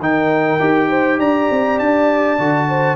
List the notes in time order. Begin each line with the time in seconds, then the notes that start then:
0.00 D#3 D#4 A#4 G5
0.60 D#4 G4
0.89 C5
1.20 D4 D5 A#5
1.51 C4
1.80 D4 A5
2.39 D3 F#4
2.69 C5